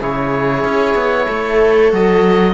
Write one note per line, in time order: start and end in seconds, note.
0.00 0.64 C#3
0.00 1.91 E4
0.00 1.26 G#4
0.00 1.94 C#5
0.64 0.94 C#4
0.94 1.26 B3
1.26 1.92 A3
1.26 2.54 A4
1.91 2.54 F#3
1.91 2.54 F#4
1.91 2.54 D#5